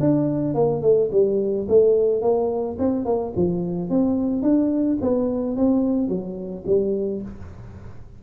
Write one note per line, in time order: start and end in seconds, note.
0.00 0.55 D4
0.55 0.82 A#3
0.82 1.10 A3
1.12 1.67 G3
1.68 2.22 A3
2.22 2.77 A#3
2.79 3.05 C4
3.05 3.33 A#3
3.36 3.90 F3
3.90 4.43 C4
4.43 4.98 D4
5.02 5.57 B3
5.57 6.08 C4
6.08 6.64 F#3
6.67 7.22 G3